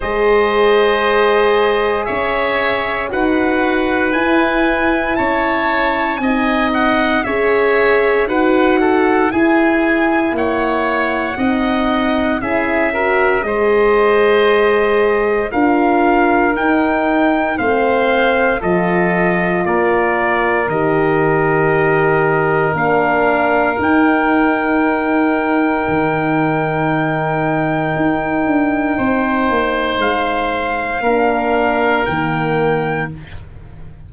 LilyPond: <<
  \new Staff \with { instrumentName = "trumpet" } { \time 4/4 \tempo 4 = 58 dis''2 e''4 fis''4 | gis''4 a''4 gis''8 fis''8 e''4 | fis''4 gis''4 fis''2 | e''4 dis''2 f''4 |
g''4 f''4 dis''4 d''4 | dis''2 f''4 g''4~ | g''1~ | g''4 f''2 g''4 | }
  \new Staff \with { instrumentName = "oboe" } { \time 4/4 c''2 cis''4 b'4~ | b'4 cis''4 dis''4 cis''4 | b'8 a'8 gis'4 cis''4 dis''4 | gis'8 ais'8 c''2 ais'4~ |
ais'4 c''4 a'4 ais'4~ | ais'1~ | ais'1 | c''2 ais'2 | }
  \new Staff \with { instrumentName = "horn" } { \time 4/4 gis'2. fis'4 | e'2 dis'4 gis'4 | fis'4 e'2 dis'4 | e'8 fis'8 gis'2 f'4 |
dis'4 c'4 f'2 | g'2 d'4 dis'4~ | dis'1~ | dis'2 d'4 ais4 | }
  \new Staff \with { instrumentName = "tuba" } { \time 4/4 gis2 cis'4 dis'4 | e'4 cis'4 c'4 cis'4 | dis'4 e'4 ais4 c'4 | cis'4 gis2 d'4 |
dis'4 a4 f4 ais4 | dis2 ais4 dis'4~ | dis'4 dis2 dis'8 d'8 | c'8 ais8 gis4 ais4 dis4 | }
>>